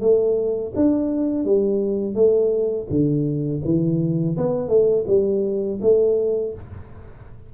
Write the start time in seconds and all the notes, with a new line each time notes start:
0.00 A3
0.75 D4
1.44 G3
2.14 A3
2.89 D3
3.64 E3
4.37 B3
4.68 A3
5.07 G3
5.81 A3